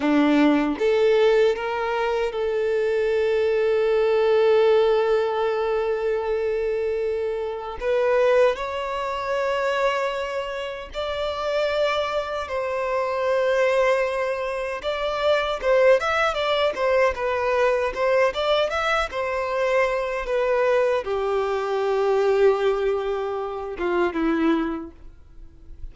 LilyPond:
\new Staff \with { instrumentName = "violin" } { \time 4/4 \tempo 4 = 77 d'4 a'4 ais'4 a'4~ | a'1~ | a'2 b'4 cis''4~ | cis''2 d''2 |
c''2. d''4 | c''8 e''8 d''8 c''8 b'4 c''8 d''8 | e''8 c''4. b'4 g'4~ | g'2~ g'8 f'8 e'4 | }